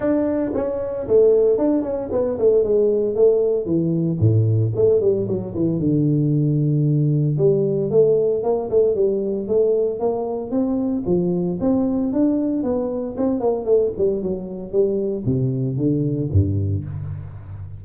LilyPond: \new Staff \with { instrumentName = "tuba" } { \time 4/4 \tempo 4 = 114 d'4 cis'4 a4 d'8 cis'8 | b8 a8 gis4 a4 e4 | a,4 a8 g8 fis8 e8 d4~ | d2 g4 a4 |
ais8 a8 g4 a4 ais4 | c'4 f4 c'4 d'4 | b4 c'8 ais8 a8 g8 fis4 | g4 c4 d4 g,4 | }